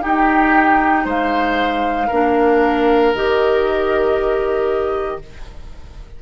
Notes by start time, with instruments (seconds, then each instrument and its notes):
0.00 clarinet D#4, bassoon D#4, oboe G4, flute G5
1.05 bassoon G#3, oboe C5, flute F5
2.07 bassoon A#3, clarinet D4, oboe A#4
3.14 bassoon D#3, clarinet G4, flute D#5